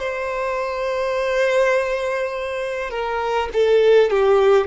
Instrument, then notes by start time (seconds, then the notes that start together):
violin
0.00 C5
2.91 A#4
3.53 A4
4.11 G4